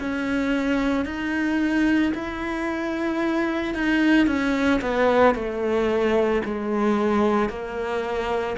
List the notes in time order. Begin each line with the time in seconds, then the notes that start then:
0.00 C#4
1.05 D#4
2.15 E4
3.75 D#4
4.27 C#4
4.81 B3
5.35 A3
6.45 G#3
7.49 A#3